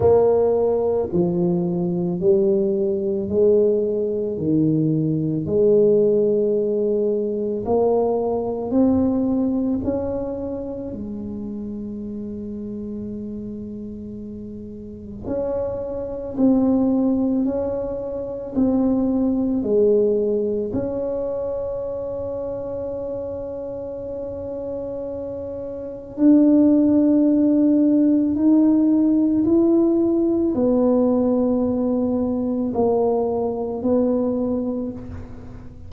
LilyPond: \new Staff \with { instrumentName = "tuba" } { \time 4/4 \tempo 4 = 55 ais4 f4 g4 gis4 | dis4 gis2 ais4 | c'4 cis'4 gis2~ | gis2 cis'4 c'4 |
cis'4 c'4 gis4 cis'4~ | cis'1 | d'2 dis'4 e'4 | b2 ais4 b4 | }